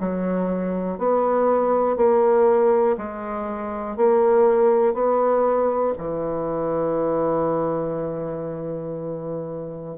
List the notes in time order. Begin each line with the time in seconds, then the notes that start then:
0.00 F#3
0.98 B3
1.96 A#3
2.97 G#3
3.97 A#3
4.94 B3
5.97 E3